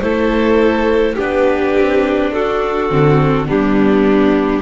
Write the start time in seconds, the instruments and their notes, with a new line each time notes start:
0.00 double bass A3, viola E4, violin A4, clarinet C5
1.16 double bass B3, viola D4, violin G4, clarinet B4
1.77 double bass C4
2.33 double bass D4, violin F#4, clarinet A4
2.90 double bass D3, viola C4
3.46 double bass G3, viola B3, violin D4, clarinet G4